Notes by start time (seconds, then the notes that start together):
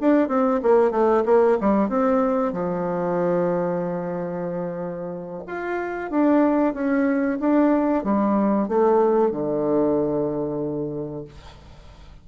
0.00 D4
0.28 C4
0.62 A#3
0.91 A3
1.25 A#3
1.60 G3
1.89 C4
2.52 F3
5.47 F4
6.10 D4
6.74 C#4
7.39 D4
8.03 G3
8.68 A3
9.31 D3